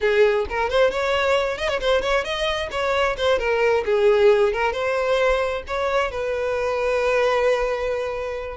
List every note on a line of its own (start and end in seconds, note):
0.00 0.46 G#4
0.49 0.69 A#4
0.69 0.90 C5
0.90 1.57 C#5
1.57 1.69 D#5
1.69 1.80 C#5
1.80 2.01 C5
2.01 2.24 C#5
2.24 2.69 D#5
2.71 3.16 C#5
3.17 3.38 C5
3.38 3.83 A#4
3.85 4.53 G#4
4.53 4.72 A#4
4.72 5.62 C5
5.67 6.11 C#5
6.11 8.57 B4